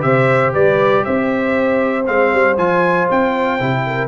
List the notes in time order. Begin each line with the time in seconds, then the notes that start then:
0.00 C3 G4 C5 E5
0.53 G3 B4 D5
1.04 C4 C5 E5
2.06 G#3 C4 F5
2.33 G3
2.57 F3 F4 G#5
3.10 C4 G5
3.60 C3 E4
3.86 A#4